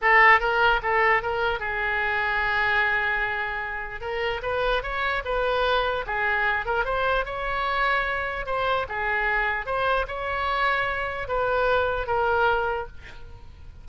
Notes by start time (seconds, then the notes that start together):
0.01 A4
0.40 A#4
0.82 A4
1.22 A#4
1.59 G#4
4.00 A#4
4.42 B4
4.82 C#5
5.24 B4
6.06 G#4
6.65 A#4
6.85 C5
7.25 C#5
8.46 C5
8.88 G#4
9.66 C5
10.07 C#5
11.28 B4
12.06 A#4